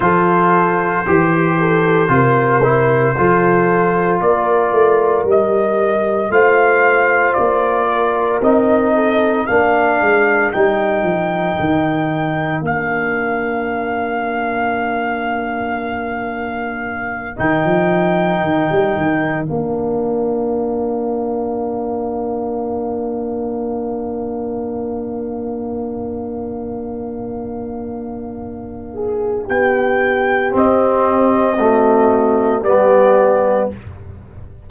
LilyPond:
<<
  \new Staff \with { instrumentName = "trumpet" } { \time 4/4 \tempo 4 = 57 c''1 | d''4 dis''4 f''4 d''4 | dis''4 f''4 g''2 | f''1~ |
f''8 g''2 f''4.~ | f''1~ | f''1 | g''4 dis''2 d''4 | }
  \new Staff \with { instrumentName = "horn" } { \time 4/4 a'4 g'8 a'8 ais'4 a'4 | ais'2 c''4. ais'8~ | ais'8 a'8 ais'2.~ | ais'1~ |
ais'1~ | ais'1~ | ais'2.~ ais'8 gis'8 | g'2 fis'4 g'4 | }
  \new Staff \with { instrumentName = "trombone" } { \time 4/4 f'4 g'4 f'8 e'8 f'4~ | f'4 g'4 f'2 | dis'4 d'4 dis'2 | d'1~ |
d'8 dis'2 d'4.~ | d'1~ | d'1~ | d'4 c'4 a4 b4 | }
  \new Staff \with { instrumentName = "tuba" } { \time 4/4 f4 e4 c4 f4 | ais8 a8 g4 a4 ais4 | c'4 ais8 gis8 g8 f8 dis4 | ais1~ |
ais8 dis16 f8. dis16 g16 dis8 ais4.~ | ais1~ | ais1 | b4 c'2 g4 | }
>>